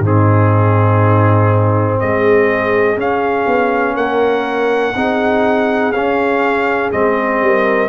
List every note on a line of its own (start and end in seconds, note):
0.00 1.97 G#2
0.00 2.97 C4
0.00 2.00 D#4
0.00 2.00 G#4
2.00 2.97 G#3
2.00 3.96 G#4
2.00 2.98 D#5
2.97 3.46 C#4
2.97 4.94 C#4
2.97 3.97 F5
3.47 3.95 B3
3.95 4.93 A#3
3.95 4.94 A#4
3.95 5.92 F#5
4.95 5.93 C4
4.95 5.94 D#4
4.95 7.42 G#4
5.92 6.91 C#4
5.92 6.92 C#4
5.92 6.91 F5
6.92 7.42 G#3
6.92 7.89 C4
6.92 7.89 D#5
7.42 7.89 G3
7.42 7.89 A#4